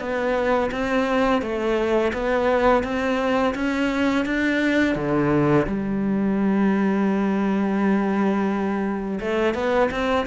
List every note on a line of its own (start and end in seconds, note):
0.00 0.71 B3
0.72 1.42 C4
1.42 2.13 A3
2.13 2.84 B3
2.84 3.55 C4
3.55 4.26 C#4
4.26 4.96 D4
4.96 5.67 D3
5.67 9.20 G3
9.21 9.55 A3
9.55 9.90 B3
9.91 10.27 C4